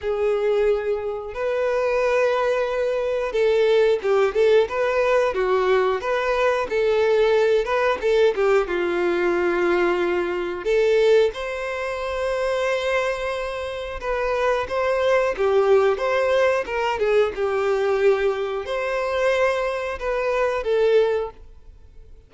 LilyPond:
\new Staff \with { instrumentName = "violin" } { \time 4/4 \tempo 4 = 90 gis'2 b'2~ | b'4 a'4 g'8 a'8 b'4 | fis'4 b'4 a'4. b'8 | a'8 g'8 f'2. |
a'4 c''2.~ | c''4 b'4 c''4 g'4 | c''4 ais'8 gis'8 g'2 | c''2 b'4 a'4 | }